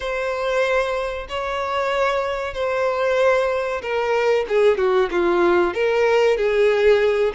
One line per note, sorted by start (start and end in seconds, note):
0.00 1.27 C5
1.29 2.54 C#5
2.54 3.82 C5
3.82 4.45 A#4
4.48 4.77 G#4
4.77 5.09 F#4
5.11 5.73 F4
5.73 6.37 A#4
6.37 7.33 G#4